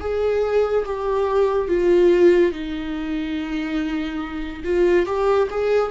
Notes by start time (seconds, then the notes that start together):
0.00 G#4
0.85 G4
1.67 F4
2.52 D#4
4.64 F4
5.06 G4
5.50 G#4